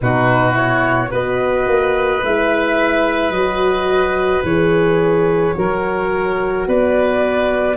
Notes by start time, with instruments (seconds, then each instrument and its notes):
0.01 tuba B2, horn D#4, oboe F#4, flute B4
0.52 horn E4, flute C#5
1.10 tuba B3, horn F#4, oboe B4, flute D#5
1.67 tuba A#3
2.23 tuba G#3, horn E4, flute E5
3.30 tuba F#3, horn F#4, flute D#5
4.43 tuba E3, horn G#4, flute C#5
5.54 tuba F#3, horn F#4, oboe A#4
6.67 tuba B3, oboe B4, flute D5